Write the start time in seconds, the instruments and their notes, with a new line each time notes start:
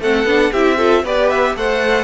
0.00 cello A3, viola C4, violin A4 F#5
0.25 cello B3, viola D4
0.52 cello C4, viola E4, violin G4 E5
0.78 viola F4, violin A4
1.04 cello B3, viola G4, violin B4 D5
1.30 violin E5
1.56 cello A3, viola A4, violin C5 F#5